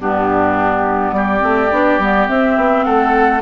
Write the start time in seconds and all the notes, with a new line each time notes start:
0.00 G2 B3 D4 G4
1.12 G3 G4 D5
1.39 A3 C4
1.71 B3 D4
1.99 G3 B3
2.28 C4 E5
2.57 B3
2.84 A3 A4 F#5